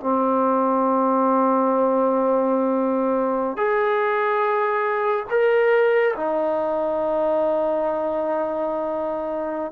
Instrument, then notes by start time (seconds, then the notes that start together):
trombone
0.00 C4
3.57 G#4
5.30 A#4
6.16 D#4